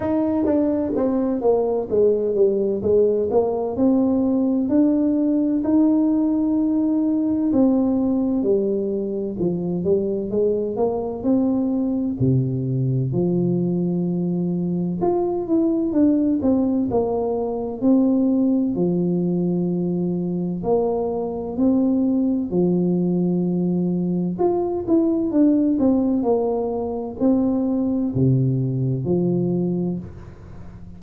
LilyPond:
\new Staff \with { instrumentName = "tuba" } { \time 4/4 \tempo 4 = 64 dis'8 d'8 c'8 ais8 gis8 g8 gis8 ais8 | c'4 d'4 dis'2 | c'4 g4 f8 g8 gis8 ais8 | c'4 c4 f2 |
f'8 e'8 d'8 c'8 ais4 c'4 | f2 ais4 c'4 | f2 f'8 e'8 d'8 c'8 | ais4 c'4 c4 f4 | }